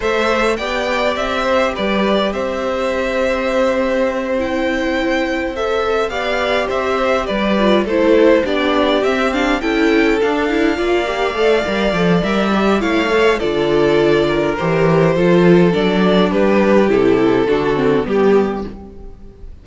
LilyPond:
<<
  \new Staff \with { instrumentName = "violin" } { \time 4/4 \tempo 4 = 103 e''4 g''4 e''4 d''4 | e''2.~ e''8 g''8~ | g''4. e''4 f''4 e''8~ | e''8 d''4 c''4 d''4 e''8 |
f''8 g''4 f''2~ f''8~ | f''4 e''4 f''4 d''4~ | d''4 c''2 d''4 | b'4 a'2 g'4 | }
  \new Staff \with { instrumentName = "violin" } { \time 4/4 c''4 d''4. c''8 b'4 | c''1~ | c''2~ c''8 d''4 c''8~ | c''8 b'4 a'4 g'4.~ |
g'8 a'2 d''4.~ | d''2 cis''4 a'4~ | a'8 ais'4. a'2 | g'2 fis'4 g'4 | }
  \new Staff \with { instrumentName = "viola" } { \time 4/4 a'4 g'2.~ | g'2.~ g'8 e'8~ | e'4. a'4 g'4.~ | g'4 f'8 e'4 d'4 c'8 |
d'8 e'4 d'8 e'8 f'8 g'8 a'8 | ais'8 a'8 ais'8 g'8 e'8 a'8 f'4~ | f'4 g'4 f'4 d'4~ | d'4 e'4 d'8 c'8 b4 | }
  \new Staff \with { instrumentName = "cello" } { \time 4/4 a4 b4 c'4 g4 | c'1~ | c'2~ c'8 b4 c'8~ | c'8 g4 a4 b4 c'8~ |
c'8 cis'4 d'4 ais4 a8 | g8 f8 g4 a4 d4~ | d4 e4 f4 fis4 | g4 c4 d4 g4 | }
>>